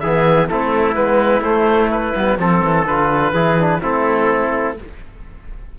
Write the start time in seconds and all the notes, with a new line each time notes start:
0.00 E3 B3 G#4 E5
0.48 A3 C4 E4 A4
0.94 G#3 B3 B4
1.41 A3 C5
1.91 B4
2.14 G3 B3
2.38 F3 C4 A4
2.64 E3
2.85 D3 F4 B4
3.32 E3 E4 G#4
3.59 D4
3.82 A3 C4 E4 A4